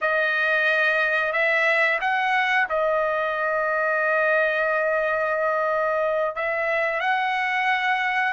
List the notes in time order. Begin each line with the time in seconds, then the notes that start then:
0.01 D#5
1.32 E5
2.00 F#5
2.69 D#5
6.35 E5
6.99 F#5